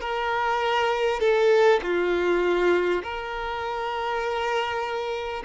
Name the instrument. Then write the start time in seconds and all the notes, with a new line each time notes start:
violin
0.00 A#4
1.20 A4
1.82 F4
3.03 A#4